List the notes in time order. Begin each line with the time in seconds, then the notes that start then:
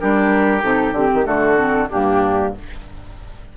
0.00 G3 D4 G4 A#4
0.62 C3 D#4 A4
0.92 D3 C4 G4
1.14 D#3
1.24 D3 A3 F#4 A4
1.56 C4
1.90 G2 A#3 D4 G4